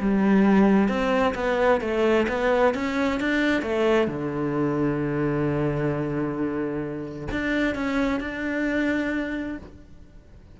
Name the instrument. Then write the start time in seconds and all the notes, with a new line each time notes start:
cello
0.00 G3
0.88 C4
1.35 B3
1.81 A3
2.28 B3
2.74 C#4
3.20 D4
3.62 A3
4.07 D3
7.31 D4
7.75 C#4
8.20 D4